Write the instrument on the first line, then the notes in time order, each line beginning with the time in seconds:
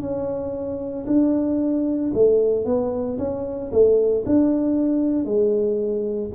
tuba
0.00 C#4
1.06 D4
2.13 A3
2.65 B3
3.18 C#4
3.71 A3
4.25 D4
5.25 G#3